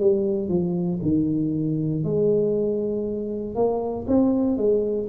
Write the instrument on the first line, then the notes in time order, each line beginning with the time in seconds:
tuba
0.00 G3
0.49 F3
1.02 D#3
2.04 G#3
3.55 A#3
4.08 C4
4.57 G#3